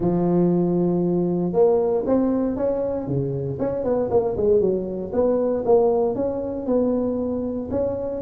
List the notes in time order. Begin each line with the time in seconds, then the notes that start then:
0.00 F3
1.52 A#3
2.06 C4
2.56 C#4
3.07 C#3
3.59 C#4
3.83 B3
4.10 A#3
4.36 G#3
4.60 F#3
5.12 B3
5.65 A#3
6.15 C#4
6.66 B3
7.70 C#4